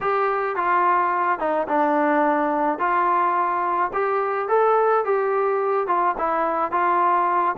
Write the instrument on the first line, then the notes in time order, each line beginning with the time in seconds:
trombone
0.01 G4
0.56 F4
1.39 D#4
1.68 D4
2.79 F4
3.93 G4
4.48 A4
5.04 G4
5.87 F4
6.18 E4
6.71 F4